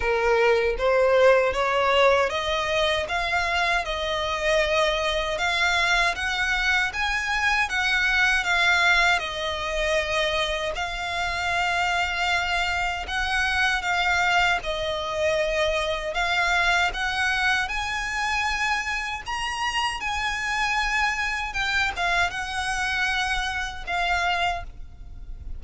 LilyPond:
\new Staff \with { instrumentName = "violin" } { \time 4/4 \tempo 4 = 78 ais'4 c''4 cis''4 dis''4 | f''4 dis''2 f''4 | fis''4 gis''4 fis''4 f''4 | dis''2 f''2~ |
f''4 fis''4 f''4 dis''4~ | dis''4 f''4 fis''4 gis''4~ | gis''4 ais''4 gis''2 | g''8 f''8 fis''2 f''4 | }